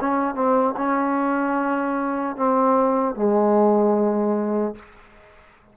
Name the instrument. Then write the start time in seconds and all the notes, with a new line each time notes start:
trombone
0.00 C#4
0.34 C4
0.77 C#4
2.36 C4
3.15 G#3